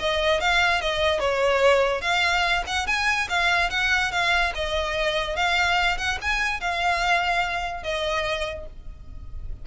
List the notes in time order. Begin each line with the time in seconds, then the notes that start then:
0.00 D#5
0.41 F5
0.82 D#5
1.20 C#5
2.02 F5
2.67 F#5
2.87 G#5
3.30 F5
3.71 F#5
4.12 F5
4.55 D#5
5.36 F5
5.98 F#5
6.22 G#5
6.61 F5
7.84 D#5